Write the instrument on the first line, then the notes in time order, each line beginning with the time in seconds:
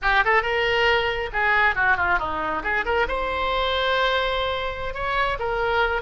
oboe
0.02 G4
0.24 A4
0.42 A#4
1.32 G#4
1.75 F#4
1.96 F4
2.19 D#4
2.63 G#4
2.85 A#4
3.08 C5
4.94 C#5
5.39 A#4